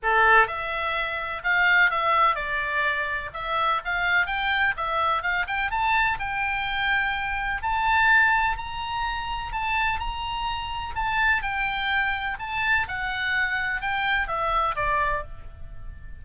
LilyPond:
\new Staff \with { instrumentName = "oboe" } { \time 4/4 \tempo 4 = 126 a'4 e''2 f''4 | e''4 d''2 e''4 | f''4 g''4 e''4 f''8 g''8 | a''4 g''2. |
a''2 ais''2 | a''4 ais''2 a''4 | g''2 a''4 fis''4~ | fis''4 g''4 e''4 d''4 | }